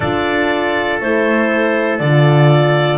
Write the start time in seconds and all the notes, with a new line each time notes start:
0.00 D4 F4 A4 D5
1.00 A3 E4 C5
1.99 D3 F4 D5